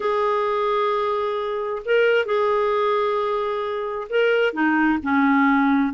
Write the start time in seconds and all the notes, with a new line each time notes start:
0.00 G#4
1.85 A#4
2.25 G#4
4.09 A#4
4.53 D#4
5.02 C#4